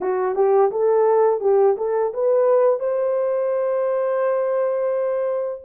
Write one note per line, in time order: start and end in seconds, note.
0.00 0.35 F#4
0.35 0.70 G4
0.71 1.40 A4
1.40 1.76 G4
1.77 2.12 A4
2.13 2.79 B4
2.79 5.61 C5